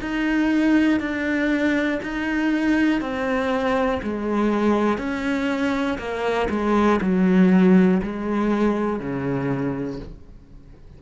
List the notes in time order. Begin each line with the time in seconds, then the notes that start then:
0.00 D#4
1.00 D4
2.02 D#4
3.00 C4
4.03 G#3
4.97 C#4
5.98 A#3
6.50 G#3
7.00 F#3
8.02 G#3
8.99 C#3